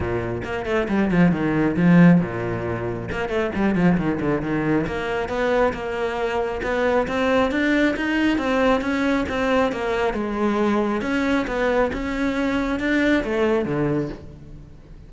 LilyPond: \new Staff \with { instrumentName = "cello" } { \time 4/4 \tempo 4 = 136 ais,4 ais8 a8 g8 f8 dis4 | f4 ais,2 ais8 a8 | g8 f8 dis8 d8 dis4 ais4 | b4 ais2 b4 |
c'4 d'4 dis'4 c'4 | cis'4 c'4 ais4 gis4~ | gis4 cis'4 b4 cis'4~ | cis'4 d'4 a4 d4 | }